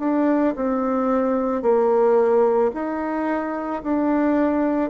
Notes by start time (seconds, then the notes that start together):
0.00 D4
0.56 C4
1.62 A#3
2.74 D#4
3.83 D4